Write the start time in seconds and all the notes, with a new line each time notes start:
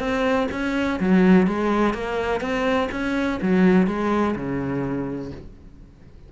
0.00 C4
0.52 C#4
1.00 F#3
1.47 G#3
1.94 A#3
2.41 C4
2.92 C#4
3.42 F#3
3.87 G#3
4.36 C#3